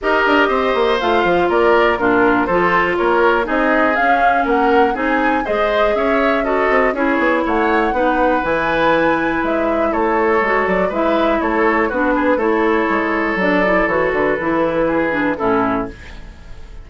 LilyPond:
<<
  \new Staff \with { instrumentName = "flute" } { \time 4/4 \tempo 4 = 121 dis''2 f''4 d''4 | ais'4 c''4 cis''4 dis''4 | f''4 fis''4 gis''4 dis''4 | e''4 dis''4 cis''4 fis''4~ |
fis''4 gis''2 e''4 | cis''4. d''8 e''4 cis''4 | b'4 cis''2 d''4 | cis''8 b'2~ b'8 a'4 | }
  \new Staff \with { instrumentName = "oboe" } { \time 4/4 ais'4 c''2 ais'4 | f'4 a'4 ais'4 gis'4~ | gis'4 ais'4 gis'4 c''4 | cis''4 a'4 gis'4 cis''4 |
b'1 | a'2 b'4 a'4 | fis'8 gis'8 a'2.~ | a'2 gis'4 e'4 | }
  \new Staff \with { instrumentName = "clarinet" } { \time 4/4 g'2 f'2 | d'4 f'2 dis'4 | cis'2 dis'4 gis'4~ | gis'4 fis'4 e'2 |
dis'4 e'2.~ | e'4 fis'4 e'2 | d'4 e'2 d'8 e'8 | fis'4 e'4. d'8 cis'4 | }
  \new Staff \with { instrumentName = "bassoon" } { \time 4/4 dis'8 d'8 c'8 ais8 a8 f8 ais4 | ais,4 f4 ais4 c'4 | cis'4 ais4 c'4 gis4 | cis'4. c'8 cis'8 b8 a4 |
b4 e2 gis4 | a4 gis8 fis8 gis4 a4 | b4 a4 gis4 fis4 | e8 d8 e2 a,4 | }
>>